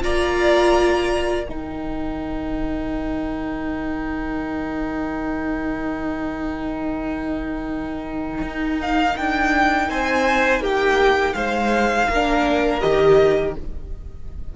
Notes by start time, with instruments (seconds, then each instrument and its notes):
0.00 cello A#3, viola F4, violin D5 A#5
1.48 cello D#3, viola D#4, violin A#4 G5
8.41 cello D#4
8.81 violin F5
9.16 cello D4, violin G5
9.89 cello C4, violin C5 G#5
10.60 cello A#3, violin G4 G5
11.33 cello G#3, violin C5 F5
12.08 cello A#3, viola D4, violin A#4
12.80 cello D#3, viola G4, violin D#5